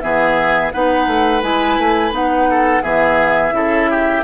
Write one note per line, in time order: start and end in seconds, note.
0.00 0.73 E3
0.00 0.72 B3
0.00 0.73 G#4
0.00 0.71 E5
0.71 1.06 B3
0.71 1.42 D#4
0.71 2.49 B4
0.71 1.42 F#5
1.06 1.42 A3
1.42 1.78 G#3
1.42 2.11 E4
1.42 2.13 G#5
1.78 2.11 A3
2.11 2.81 B3
2.11 2.81 D#4
2.11 2.82 F#5
2.50 2.83 A4
2.82 3.52 E3
2.82 3.51 B3
2.82 3.53 G#4
2.82 4.23 E5
3.51 4.22 C#3
3.51 4.22 E4
3.51 3.90 A4
3.90 4.23 G4